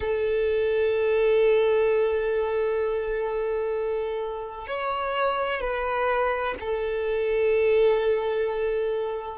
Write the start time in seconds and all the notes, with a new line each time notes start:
0.00 A4
4.67 C#5
5.60 B4
6.60 A4